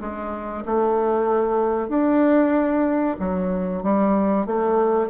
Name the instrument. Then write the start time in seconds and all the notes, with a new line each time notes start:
bassoon
0.00 G#3
0.65 A3
1.88 D4
3.19 F#3
3.83 G3
4.46 A3